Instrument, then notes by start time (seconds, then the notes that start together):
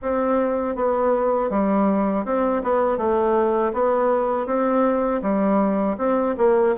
bassoon
0.01 C4
0.75 B3
1.50 G3
2.25 C4
2.63 B3
2.97 A3
3.73 B3
4.46 C4
5.22 G3
5.97 C4
6.38 A#3